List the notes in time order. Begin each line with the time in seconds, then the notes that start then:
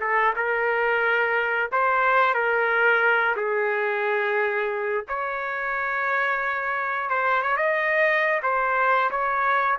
0.00 A4
0.36 A#4
1.72 C5
2.34 A#4
3.36 G#4
5.08 C#5
7.10 C5
7.42 C#5
7.57 D#5
8.43 C5
9.10 C#5